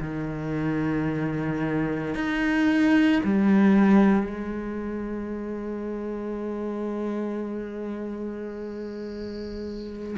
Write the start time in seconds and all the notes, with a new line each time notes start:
0.00 D#3
2.14 D#4
3.23 G3
4.26 G#3